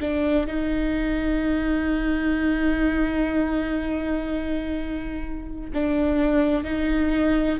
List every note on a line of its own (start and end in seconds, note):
0.00 0.46 D4
0.46 5.70 D#4
5.73 6.64 D4
6.64 7.59 D#4